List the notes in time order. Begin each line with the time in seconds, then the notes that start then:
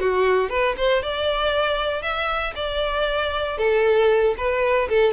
0.00 F#4
0.50 B4
0.77 C5
1.03 D5
2.02 E5
2.55 D5
3.58 A4
4.38 B4
4.89 A4